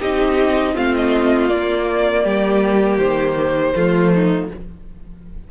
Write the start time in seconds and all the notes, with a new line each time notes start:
0.00 C4 D#4 G4 D#5
0.74 A3 C4 F4 F5
0.95 D#5
1.49 A#3 D5
2.24 G3 G4
2.98 D#3 C5
3.75 F3 A3 F4
4.14 D#4